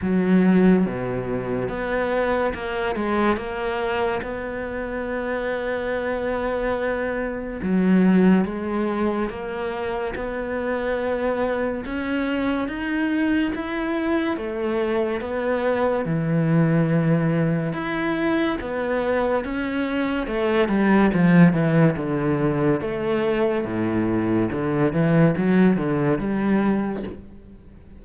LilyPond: \new Staff \with { instrumentName = "cello" } { \time 4/4 \tempo 4 = 71 fis4 b,4 b4 ais8 gis8 | ais4 b2.~ | b4 fis4 gis4 ais4 | b2 cis'4 dis'4 |
e'4 a4 b4 e4~ | e4 e'4 b4 cis'4 | a8 g8 f8 e8 d4 a4 | a,4 d8 e8 fis8 d8 g4 | }